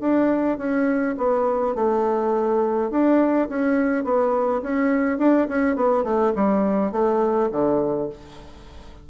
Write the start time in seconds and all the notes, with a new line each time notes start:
0.00 D4
0.57 C#4
1.17 B3
1.75 A3
2.91 D4
3.49 C#4
4.04 B3
4.62 C#4
5.18 D4
5.48 C#4
5.76 B3
6.04 A3
6.35 G3
6.92 A3
7.52 D3